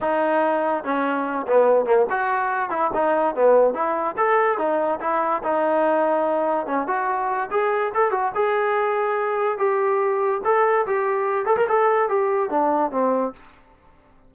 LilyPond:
\new Staff \with { instrumentName = "trombone" } { \time 4/4 \tempo 4 = 144 dis'2 cis'4. b8~ | b8 ais8 fis'4. e'8 dis'4 | b4 e'4 a'4 dis'4 | e'4 dis'2. |
cis'8 fis'4. gis'4 a'8 fis'8 | gis'2. g'4~ | g'4 a'4 g'4. a'16 ais'16 | a'4 g'4 d'4 c'4 | }